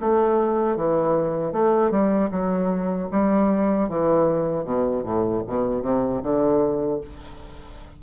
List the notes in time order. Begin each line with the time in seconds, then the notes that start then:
0.00 A3
0.77 E3
1.52 A3
1.91 G3
2.31 F#3
3.11 G3
3.89 E3
4.64 B2
5.03 A2
5.47 B2
5.82 C3
6.23 D3